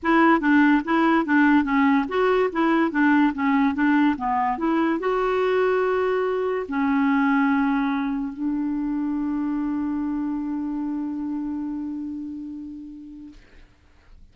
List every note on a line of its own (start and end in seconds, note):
0.02 0.40 E4
0.40 0.82 D4
0.84 1.25 E4
1.25 1.64 D4
1.64 2.05 C#4
2.08 2.49 F#4
2.52 2.91 E4
2.91 3.32 D4
3.33 3.74 C#4
3.74 4.16 D4
4.17 4.58 B3
4.58 4.99 E4
4.99 6.66 F#4
6.68 8.33 C#4
8.33 13.33 D4